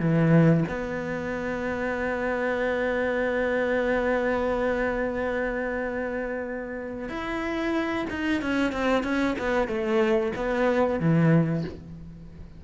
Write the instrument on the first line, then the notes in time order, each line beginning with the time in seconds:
cello
0.00 E3
0.69 B3
7.09 E4
8.10 D#4
8.42 C#4
8.73 C4
9.04 C#4
9.39 B3
9.68 A3
10.36 B3
11.00 E3